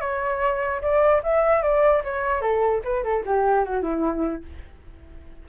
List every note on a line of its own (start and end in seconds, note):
0.00 0.81 C#5
0.81 1.22 D5
1.23 1.62 E5
1.62 2.03 D5
2.03 2.41 C#5
2.41 2.81 A4
2.84 3.03 B4
3.03 3.24 A4
3.25 3.65 G4
3.65 3.82 F#4
3.82 4.43 E4